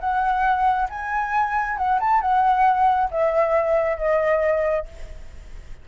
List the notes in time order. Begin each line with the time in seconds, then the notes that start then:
0.00 F#5
0.90 G#5
1.77 F#5
2.00 A5
2.21 F#5
3.11 E5
3.97 D#5